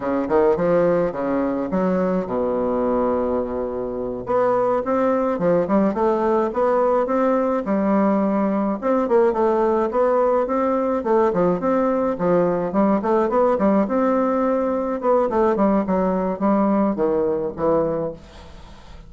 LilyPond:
\new Staff \with { instrumentName = "bassoon" } { \time 4/4 \tempo 4 = 106 cis8 dis8 f4 cis4 fis4 | b,2.~ b,8 b8~ | b8 c'4 f8 g8 a4 b8~ | b8 c'4 g2 c'8 |
ais8 a4 b4 c'4 a8 | f8 c'4 f4 g8 a8 b8 | g8 c'2 b8 a8 g8 | fis4 g4 dis4 e4 | }